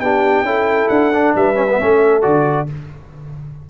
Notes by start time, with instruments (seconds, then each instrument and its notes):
0.00 tuba B3, trombone D4, horn G4, trumpet G5
0.42 tuba C#4, trombone E4, horn A4
0.88 tuba D4, trumpet F#5
1.14 trombone D4
1.35 tuba G3, horn B4, trumpet E5
1.55 trombone C#4
1.70 trombone B3
1.80 tuba A3, trombone C#4, horn A4
2.22 tuba D3, trombone F#4, trumpet D5